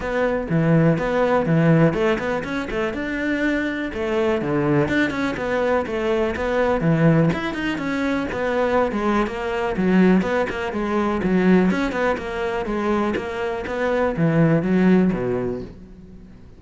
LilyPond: \new Staff \with { instrumentName = "cello" } { \time 4/4 \tempo 4 = 123 b4 e4 b4 e4 | a8 b8 cis'8 a8 d'2 | a4 d4 d'8 cis'8 b4 | a4 b4 e4 e'8 dis'8 |
cis'4 b4~ b16 gis8. ais4 | fis4 b8 ais8 gis4 fis4 | cis'8 b8 ais4 gis4 ais4 | b4 e4 fis4 b,4 | }